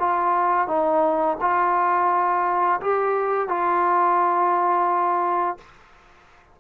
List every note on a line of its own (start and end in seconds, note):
0.00 0.68 F4
0.68 1.38 D#4
1.41 2.81 F4
2.81 3.49 G4
3.49 5.58 F4